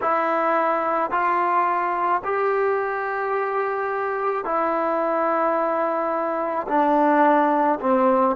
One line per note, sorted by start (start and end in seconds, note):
0.02 1.11 E4
1.11 2.22 F4
2.24 4.44 G4
4.44 6.67 E4
6.68 7.79 D4
7.80 8.36 C4